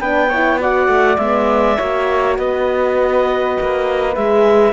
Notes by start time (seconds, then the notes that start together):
0.00 B3 D4 B4 G5
0.29 E4 C#5
0.59 F#4 D5 F#5
0.88 A3
1.17 G#3 B3 E5
1.77 A#3 F#4 C#5
2.38 B3 B4 D#5
3.60 A#3
4.15 G#3 G#4 E5